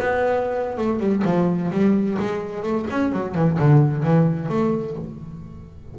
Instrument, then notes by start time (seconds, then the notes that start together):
double bass
0.00 B3
0.78 A3
1.00 G3
1.25 F3
1.72 G3
2.19 G#3
2.63 A3
2.91 C#4
3.13 F#3
3.35 E3
3.59 D3
4.04 E3
4.49 A3